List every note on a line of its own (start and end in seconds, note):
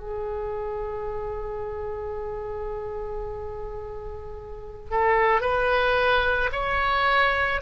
0.00 4.91 G#4
4.91 5.41 A4
5.41 6.50 B4
6.52 7.61 C#5